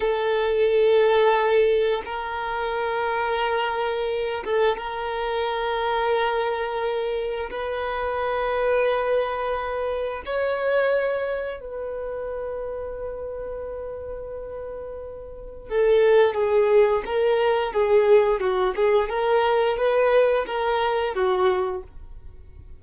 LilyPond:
\new Staff \with { instrumentName = "violin" } { \time 4/4 \tempo 4 = 88 a'2. ais'4~ | ais'2~ ais'8 a'8 ais'4~ | ais'2. b'4~ | b'2. cis''4~ |
cis''4 b'2.~ | b'2. a'4 | gis'4 ais'4 gis'4 fis'8 gis'8 | ais'4 b'4 ais'4 fis'4 | }